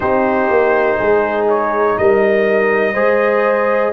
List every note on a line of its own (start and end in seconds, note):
0.00 0.50 C4
0.00 2.94 D#4
0.00 0.97 G4
0.00 1.47 C5
0.50 0.99 A#3
0.97 1.98 G#3
0.97 1.95 G#4
1.49 1.98 C#5
1.98 2.94 G3
1.98 2.93 A#4
1.98 3.93 D#5
2.93 3.92 G#3
2.93 3.92 G#4
2.93 3.91 C5